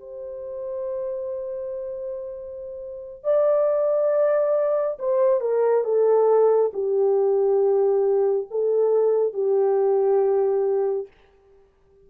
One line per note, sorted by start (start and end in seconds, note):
0.00 3.24 C5
3.24 4.98 D5
5.00 5.41 C5
5.41 5.85 A#4
5.85 6.72 A4
6.74 8.47 G4
8.51 9.34 A4
9.34 11.08 G4